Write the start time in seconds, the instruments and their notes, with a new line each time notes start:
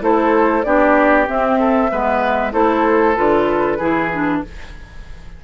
0.00 bassoon A3, clarinet E4, oboe A4, flute C5
0.63 bassoon B3, clarinet D4, oboe G4, flute D5
1.26 clarinet C4, bassoon C4, flute E5
1.59 oboe A4
1.91 bassoon G#3, clarinet B3, oboe B4
2.51 bassoon A3, clarinet E4, oboe A4, flute C5
3.15 bassoon D3, clarinet F4, flute B4
3.78 bassoon E3, clarinet E4, oboe G#4
4.12 clarinet D4